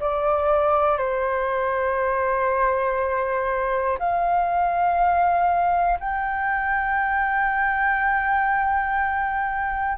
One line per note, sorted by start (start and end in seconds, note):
0.00 0.97 D5
0.97 3.97 C5
3.99 5.99 F5
5.99 9.97 G5